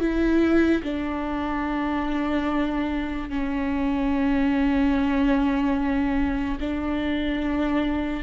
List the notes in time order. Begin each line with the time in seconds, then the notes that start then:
0.00 E4
0.84 D4
3.30 C#4
6.60 D4